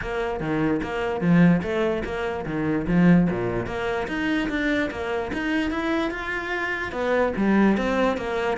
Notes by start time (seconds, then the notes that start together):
0.01 A#3
0.40 D#3
0.82 A#3
1.20 F3
1.62 A3
2.04 A#3
2.45 D#3
2.87 F3
3.30 A#2
3.66 A#3
4.07 D#4
4.49 D4
4.90 A#3
5.33 D#4
5.71 E4
6.10 F4
6.92 B3
7.36 G3
7.77 C4
8.17 A#3